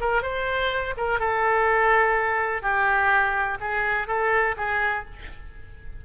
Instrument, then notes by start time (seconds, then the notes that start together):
oboe
0.00 A#4
0.22 C5
0.97 A#4
1.19 A4
2.62 G4
3.60 G#4
4.07 A4
4.57 G#4